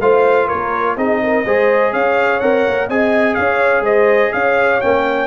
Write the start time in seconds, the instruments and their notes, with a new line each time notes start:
0.00 tuba A3, trombone F4, horn C5, trumpet F5
0.47 tuba A#3, horn A#4, trumpet C#5
0.96 tuba C4, trombone D#4, horn G#4, trumpet D#5
1.23 horn A#4
1.45 tuba G#3, trombone G#4, horn C5
1.92 tuba C#4, horn C#5, trumpet F5
2.40 tuba C4, trombone A#4, trumpet F#5
2.67 tuba A#3
2.88 tuba C4, trombone G#4, horn D#5, trumpet G#5
3.35 tuba C#4, horn C#5, trumpet F5
3.81 tuba G#3, horn C5, trumpet D#5
4.33 tuba C#4, horn C#5, trumpet F5
4.81 tuba A#3, trombone C#4, trumpet G5